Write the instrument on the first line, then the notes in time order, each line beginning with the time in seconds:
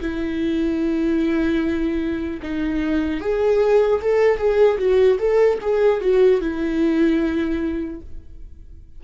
viola
0.00 E4
2.42 D#4
3.20 G#4
4.01 A4
4.37 G#4
4.78 F#4
5.19 A4
5.61 G#4
6.00 F#4
6.40 E4